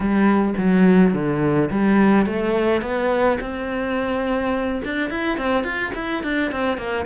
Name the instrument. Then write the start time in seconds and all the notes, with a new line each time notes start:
cello
0.00 G3
0.57 F#3
1.13 D3
1.71 G3
2.26 A3
2.81 B3
3.40 C4
4.84 D4
5.10 E4
5.37 C4
5.64 F4
5.94 E4
6.23 D4
6.51 C4
6.77 A#3